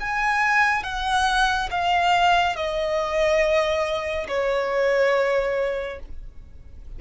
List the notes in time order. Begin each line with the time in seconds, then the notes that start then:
0.00 G#5
0.83 F#5
1.71 F5
2.56 D#5
4.28 C#5